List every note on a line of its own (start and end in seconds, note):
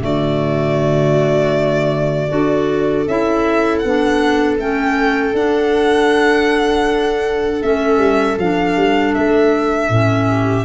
0.00 2.28 D3
0.00 2.28 A3
0.00 2.31 F#4
0.00 3.08 D5
2.29 3.06 D4
2.29 3.05 F#4
2.29 10.29 A4
3.07 3.83 C#4
3.07 3.85 E4
3.07 3.79 E5
3.79 4.59 B3
3.79 4.55 F#5
3.85 4.59 D4
4.59 5.33 A3
4.59 5.34 C#4
4.59 5.36 G5
5.33 7.61 D4
5.33 7.62 F#5
7.61 7.97 A3
7.61 8.37 C#4
7.61 8.38 E5
7.97 8.35 G3
8.38 8.76 F3
8.38 9.91 D4
8.38 9.14 F5
8.76 9.14 G3
9.14 9.89 A3
9.14 10.65 E5
9.89 10.65 A2
9.89 10.65 C#4
10.29 10.65 G4